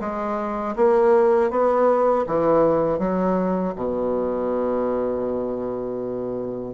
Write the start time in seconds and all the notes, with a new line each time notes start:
0.00 G#3
0.76 A#3
1.50 B3
2.27 E3
2.99 F#3
3.75 B2